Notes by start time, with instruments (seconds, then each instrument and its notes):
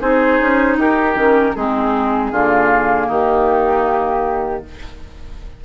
0.00 bassoon C4, clarinet D#4, oboe G#4, flute C5
0.40 bassoon C#4
0.76 bassoon D#4, oboe G4, flute A#4
1.15 bassoon D#3, clarinet C#4
1.55 bassoon G#3, clarinet C4, oboe D#4, flute G#4
2.31 bassoon D3, clarinet A#3, oboe F4
3.07 bassoon D#3, oboe D#4, flute G4